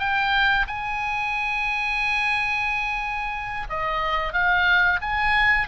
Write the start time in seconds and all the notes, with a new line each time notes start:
0.00 G5
0.68 G#5
3.70 D#5
4.34 F5
5.02 G#5